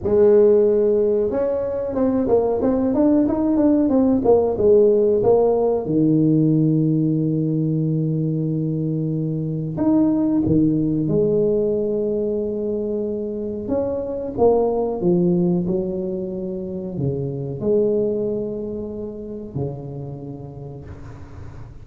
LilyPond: \new Staff \with { instrumentName = "tuba" } { \time 4/4 \tempo 4 = 92 gis2 cis'4 c'8 ais8 | c'8 d'8 dis'8 d'8 c'8 ais8 gis4 | ais4 dis2.~ | dis2. dis'4 |
dis4 gis2.~ | gis4 cis'4 ais4 f4 | fis2 cis4 gis4~ | gis2 cis2 | }